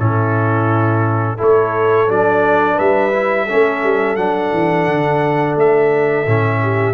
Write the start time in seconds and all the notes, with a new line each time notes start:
0.00 A2 C#4 E4 A4
1.37 A3 E4 A4 C#5
2.08 F#3 D4 D5
2.75 G3 B4 E5
3.13 E4
3.46 C#4 A4
3.52 A3
3.84 G3
4.16 F#3 D4 F#5
4.53 E3
4.87 D3
5.57 A3 E5
6.26 A2 C#4
6.62 G4